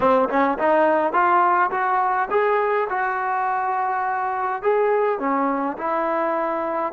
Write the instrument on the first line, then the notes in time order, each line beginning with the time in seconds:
trombone
0.00 C4
0.29 C#4
0.58 D#4
1.12 F4
1.70 F#4
2.30 G#4
2.89 F#4
4.62 G#4
5.19 C#4
5.77 E4